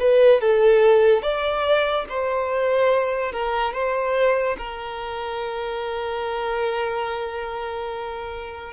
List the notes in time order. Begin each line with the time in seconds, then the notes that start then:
0.00 B4
0.41 A4
1.22 D5
2.09 C5
3.32 A#4
3.73 C5
4.58 A#4